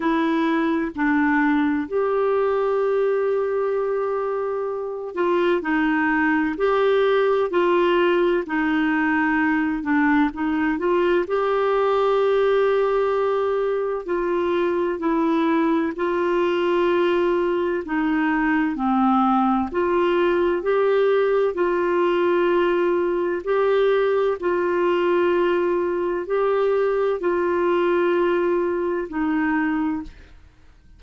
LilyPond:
\new Staff \with { instrumentName = "clarinet" } { \time 4/4 \tempo 4 = 64 e'4 d'4 g'2~ | g'4. f'8 dis'4 g'4 | f'4 dis'4. d'8 dis'8 f'8 | g'2. f'4 |
e'4 f'2 dis'4 | c'4 f'4 g'4 f'4~ | f'4 g'4 f'2 | g'4 f'2 dis'4 | }